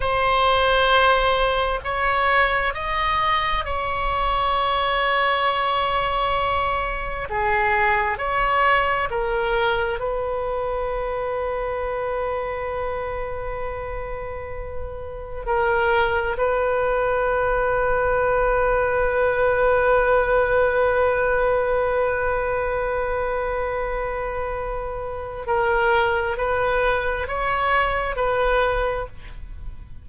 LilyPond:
\new Staff \with { instrumentName = "oboe" } { \time 4/4 \tempo 4 = 66 c''2 cis''4 dis''4 | cis''1 | gis'4 cis''4 ais'4 b'4~ | b'1~ |
b'4 ais'4 b'2~ | b'1~ | b'1 | ais'4 b'4 cis''4 b'4 | }